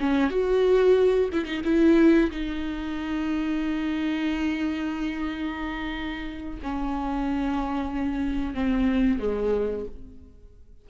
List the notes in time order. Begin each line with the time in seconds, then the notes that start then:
0.00 C#4
0.30 F#4
1.32 E4
1.45 D#4
1.65 E4
2.31 D#4
6.63 C#4
8.54 C4
9.19 G#3